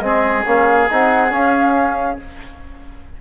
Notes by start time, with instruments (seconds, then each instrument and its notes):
0.00 bassoon G#3, trombone C4, oboe G#4, flute D#5
0.46 bassoon A#3, trombone C#4, flute F5
0.90 bassoon C4, trombone D#4, flute F#5
1.30 trombone C#4, bassoon C#4, flute F5